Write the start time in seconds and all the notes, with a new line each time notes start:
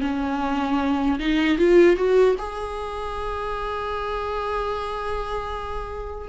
0.00 C#4
1.19 D#4
1.58 F4
1.96 F#4
2.38 G#4